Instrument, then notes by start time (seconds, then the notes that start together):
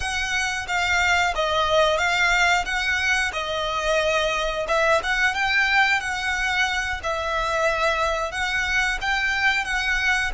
violin
0.00 F#5
0.67 F5
1.35 D#5
1.98 F5
2.65 F#5
3.32 D#5
4.68 E5
5.03 F#5
5.34 G5
6.00 F#5
7.03 E5
8.32 F#5
9.01 G5
9.64 F#5